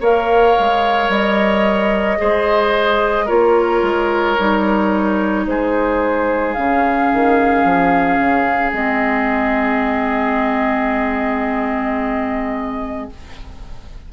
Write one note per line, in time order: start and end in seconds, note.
0.00 0.55 A#3
0.00 2.17 A#4
0.00 2.18 C#5
0.00 1.10 F5
0.59 1.08 G#3
1.08 2.17 G3
1.08 3.28 D#5
2.17 3.29 G#3
2.17 3.27 G#4
2.17 3.25 C5
3.25 3.82 A#3
3.25 4.36 F4
3.25 5.43 A#4
3.25 5.46 C#5
3.82 4.37 G#3
4.39 5.46 G3
4.39 6.56 D#4
5.46 6.55 G#3
5.46 13.12 G#4
5.46 6.53 C5
6.53 7.12 C#3
6.53 8.73 C#4
6.53 8.71 F5
7.12 7.64 D#3
7.64 8.18 F3
8.18 8.72 C#3
8.72 13.08 G#3
8.72 13.10 C4
8.72 13.09 D#5